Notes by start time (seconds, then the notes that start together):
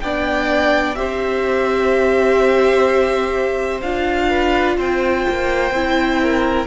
0.00 B3 D4 D5 G5
0.95 C4 G4 C5 E5
3.81 D4 F4 F5
4.29 B4
4.77 C4 C5 G5
5.29 A#3
5.71 C4 E4
6.21 A#4